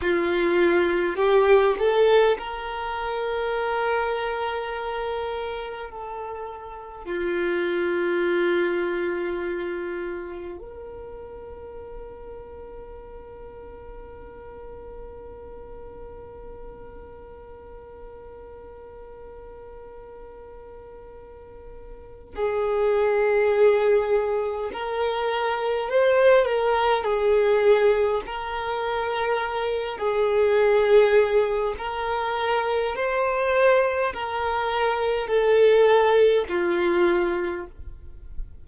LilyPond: \new Staff \with { instrumentName = "violin" } { \time 4/4 \tempo 4 = 51 f'4 g'8 a'8 ais'2~ | ais'4 a'4 f'2~ | f'4 ais'2.~ | ais'1~ |
ais'2. gis'4~ | gis'4 ais'4 c''8 ais'8 gis'4 | ais'4. gis'4. ais'4 | c''4 ais'4 a'4 f'4 | }